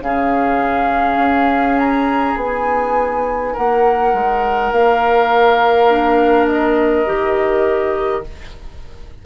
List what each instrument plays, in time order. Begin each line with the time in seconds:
0.00 bassoon C#3, clarinet C#4, oboe G#4, flute F5
1.17 bassoon C#4
1.78 flute A#5
2.36 bassoon B3, clarinet D#4, flute G#5
3.53 bassoon A#3, oboe A#4, flute F#5
4.13 bassoon G#3
4.72 bassoon A#3, flute F5
5.89 clarinet D4
6.47 flute D#5
7.06 bassoon D#3, clarinet G4